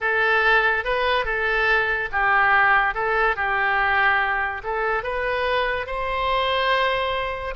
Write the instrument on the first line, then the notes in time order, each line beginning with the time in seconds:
oboe
0.00 A4
0.84 B4
1.25 A4
2.12 G4
2.94 A4
3.36 G4
4.63 A4
5.03 B4
5.86 C5